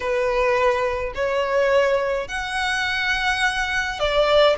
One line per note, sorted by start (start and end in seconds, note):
0.00 1.13 B4
1.14 2.28 C#5
2.28 3.99 F#5
3.99 4.56 D5